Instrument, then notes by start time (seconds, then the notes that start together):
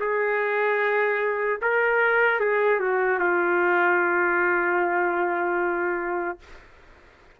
trumpet
0.00 G#4
1.62 A#4
2.40 G#4
2.80 F#4
3.19 F4